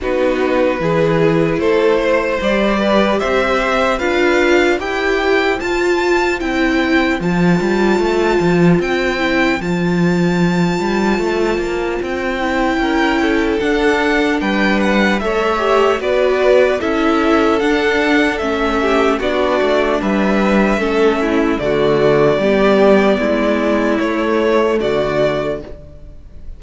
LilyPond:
<<
  \new Staff \with { instrumentName = "violin" } { \time 4/4 \tempo 4 = 75 b'2 c''4 d''4 | e''4 f''4 g''4 a''4 | g''4 a''2 g''4 | a''2. g''4~ |
g''4 fis''4 g''8 fis''8 e''4 | d''4 e''4 fis''4 e''4 | d''4 e''2 d''4~ | d''2 cis''4 d''4 | }
  \new Staff \with { instrumentName = "violin" } { \time 4/4 fis'4 gis'4 a'8 c''4 b'8 | c''4 b'4 c''2~ | c''1~ | c''1 |
ais'8 a'4. b'4 cis''4 | b'4 a'2~ a'8 g'8 | fis'4 b'4 a'8 e'8 fis'4 | g'4 e'2 fis'4 | }
  \new Staff \with { instrumentName = "viola" } { \time 4/4 dis'4 e'2 g'4~ | g'4 f'4 g'4 f'4 | e'4 f'2~ f'8 e'8 | f'2.~ f'8 e'8~ |
e'4 d'2 a'8 g'8 | fis'4 e'4 d'4 cis'4 | d'2 cis'4 a4 | b2 a2 | }
  \new Staff \with { instrumentName = "cello" } { \time 4/4 b4 e4 a4 g4 | c'4 d'4 e'4 f'4 | c'4 f8 g8 a8 f8 c'4 | f4. g8 a8 ais8 c'4 |
cis'4 d'4 g4 a4 | b4 cis'4 d'4 a4 | b8 a8 g4 a4 d4 | g4 gis4 a4 d4 | }
>>